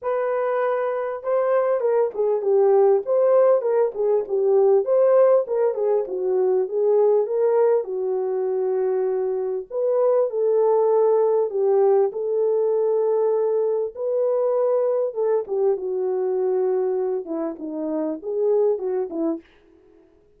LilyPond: \new Staff \with { instrumentName = "horn" } { \time 4/4 \tempo 4 = 99 b'2 c''4 ais'8 gis'8 | g'4 c''4 ais'8 gis'8 g'4 | c''4 ais'8 gis'8 fis'4 gis'4 | ais'4 fis'2. |
b'4 a'2 g'4 | a'2. b'4~ | b'4 a'8 g'8 fis'2~ | fis'8 e'8 dis'4 gis'4 fis'8 e'8 | }